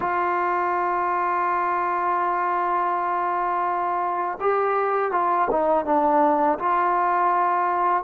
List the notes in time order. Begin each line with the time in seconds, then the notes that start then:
0.00 F4
4.40 G4
5.11 F4
5.50 D#4
5.85 D4
6.58 F4